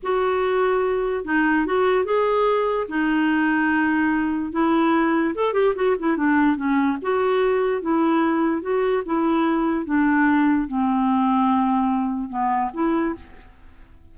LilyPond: \new Staff \with { instrumentName = "clarinet" } { \time 4/4 \tempo 4 = 146 fis'2. dis'4 | fis'4 gis'2 dis'4~ | dis'2. e'4~ | e'4 a'8 g'8 fis'8 e'8 d'4 |
cis'4 fis'2 e'4~ | e'4 fis'4 e'2 | d'2 c'2~ | c'2 b4 e'4 | }